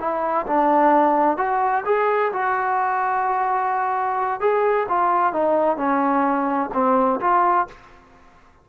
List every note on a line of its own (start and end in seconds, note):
0.00 0.47 E4
0.47 1.38 D4
1.38 1.84 F#4
1.86 2.32 G#4
2.33 4.41 F#4
4.41 4.87 G#4
4.89 5.33 F4
5.33 5.77 D#4
5.77 6.70 C#4
6.74 7.21 C4
7.21 7.67 F4